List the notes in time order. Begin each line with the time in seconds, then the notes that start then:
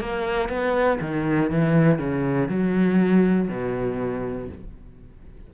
0.00 A#3
0.49 B3
1.01 D#3
1.50 E3
1.99 C#3
2.49 F#3
3.49 B2